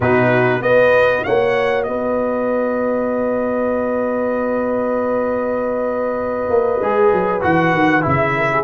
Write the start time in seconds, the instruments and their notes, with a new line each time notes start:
0.00 tuba B2, trombone D#4, horn F#4, trumpet B4
0.61 tuba B3, trombone F#4, horn B4, trumpet D#5
1.23 tuba A#3, horn C#5, trumpet F#5
1.83 tuba B3, horn B4, trumpet D#5
6.49 tuba A#3
6.81 tuba G#3, trombone G#4
7.12 tuba F#3
7.41 tuba E3, trombone F#4, trumpet F#5
7.72 tuba D#3
8.01 tuba C#3, trombone E4
8.08 trumpet E5
8.36 horn A#4
8.53 horn G#4